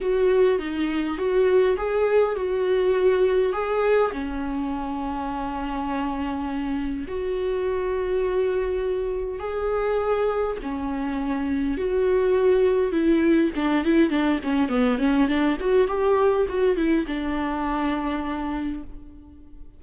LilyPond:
\new Staff \with { instrumentName = "viola" } { \time 4/4 \tempo 4 = 102 fis'4 dis'4 fis'4 gis'4 | fis'2 gis'4 cis'4~ | cis'1 | fis'1 |
gis'2 cis'2 | fis'2 e'4 d'8 e'8 | d'8 cis'8 b8 cis'8 d'8 fis'8 g'4 | fis'8 e'8 d'2. | }